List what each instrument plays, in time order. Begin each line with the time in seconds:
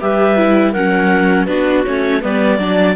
0.00 cello G3, viola G4, clarinet B4 E5
0.36 viola E4
0.72 cello F#3, viola C#4, clarinet A#4 F#5
1.45 cello B3, viola D4, clarinet F#4 B4
1.85 cello A3, viola C#4, clarinet C#5
2.20 cello G3, viola B3, clarinet B4 D5
2.59 cello F#3, viola D4, clarinet D5